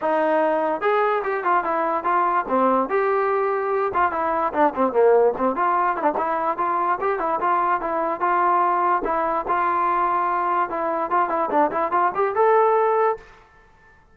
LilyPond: \new Staff \with { instrumentName = "trombone" } { \time 4/4 \tempo 4 = 146 dis'2 gis'4 g'8 f'8 | e'4 f'4 c'4 g'4~ | g'4. f'8 e'4 d'8 c'8 | ais4 c'8 f'4 e'16 d'16 e'4 |
f'4 g'8 e'8 f'4 e'4 | f'2 e'4 f'4~ | f'2 e'4 f'8 e'8 | d'8 e'8 f'8 g'8 a'2 | }